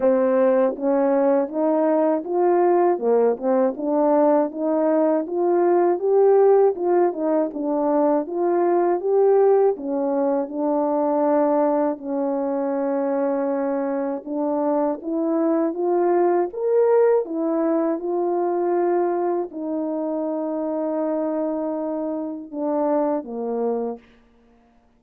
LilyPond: \new Staff \with { instrumentName = "horn" } { \time 4/4 \tempo 4 = 80 c'4 cis'4 dis'4 f'4 | ais8 c'8 d'4 dis'4 f'4 | g'4 f'8 dis'8 d'4 f'4 | g'4 cis'4 d'2 |
cis'2. d'4 | e'4 f'4 ais'4 e'4 | f'2 dis'2~ | dis'2 d'4 ais4 | }